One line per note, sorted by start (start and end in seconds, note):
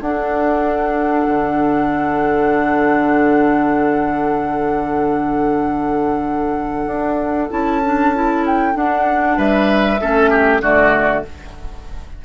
0.00 1.25 D4
0.00 7.50 D4
0.00 9.38 A4
0.00 7.51 F#5
1.27 6.86 D3
6.86 7.49 D4
7.50 8.75 C#4
7.50 7.81 E4
7.50 8.45 A5
7.85 8.15 D4
8.15 8.73 E4
8.46 8.77 G5
8.73 9.98 D4
8.73 9.37 D4
8.73 9.39 F#5
9.37 10.00 G3
9.37 10.00 B4
9.37 10.62 E5
10.01 10.61 A3
10.01 10.61 C#4
10.01 10.30 A4
10.30 10.62 G4
10.61 11.24 D3
10.61 11.24 A3
10.61 11.24 F#4
10.61 11.25 D5